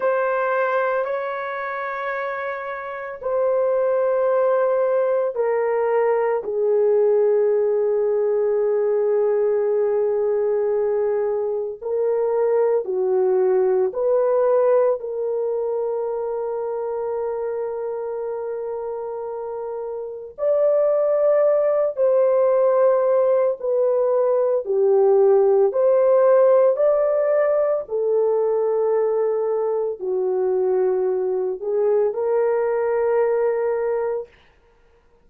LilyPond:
\new Staff \with { instrumentName = "horn" } { \time 4/4 \tempo 4 = 56 c''4 cis''2 c''4~ | c''4 ais'4 gis'2~ | gis'2. ais'4 | fis'4 b'4 ais'2~ |
ais'2. d''4~ | d''8 c''4. b'4 g'4 | c''4 d''4 a'2 | fis'4. gis'8 ais'2 | }